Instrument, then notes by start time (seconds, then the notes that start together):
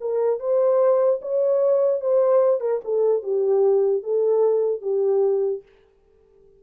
horn
0.00 A#4
0.39 C5
1.21 C#5
2.00 C5
2.60 A#4
2.84 A4
3.23 G4
4.03 A4
4.81 G4